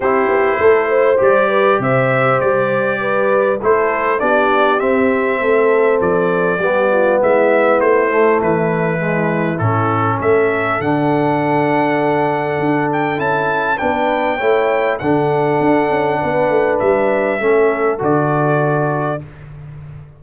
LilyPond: <<
  \new Staff \with { instrumentName = "trumpet" } { \time 4/4 \tempo 4 = 100 c''2 d''4 e''4 | d''2 c''4 d''4 | e''2 d''2 | e''4 c''4 b'2 |
a'4 e''4 fis''2~ | fis''4. g''8 a''4 g''4~ | g''4 fis''2. | e''2 d''2 | }
  \new Staff \with { instrumentName = "horn" } { \time 4/4 g'4 a'8 c''4 b'8 c''4~ | c''4 b'4 a'4 g'4~ | g'4 a'2 g'8 f'8 | e'1~ |
e'4 a'2.~ | a'2. b'4 | cis''4 a'2 b'4~ | b'4 a'2. | }
  \new Staff \with { instrumentName = "trombone" } { \time 4/4 e'2 g'2~ | g'2 e'4 d'4 | c'2. b4~ | b4. a4. gis4 |
cis'2 d'2~ | d'2 e'4 d'4 | e'4 d'2.~ | d'4 cis'4 fis'2 | }
  \new Staff \with { instrumentName = "tuba" } { \time 4/4 c'8 b8 a4 g4 c4 | g2 a4 b4 | c'4 a4 f4 g4 | gis4 a4 e2 |
a,4 a4 d2~ | d4 d'4 cis'4 b4 | a4 d4 d'8 cis'8 b8 a8 | g4 a4 d2 | }
>>